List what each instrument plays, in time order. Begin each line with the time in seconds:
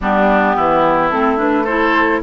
0.00 bassoon G3, clarinet B3, oboe D4, flute G4
0.56 bassoon E3, oboe E4
1.10 bassoon A3, clarinet C4, flute A4
1.37 clarinet D4, flute B4
1.63 clarinet E4, oboe A4, flute C5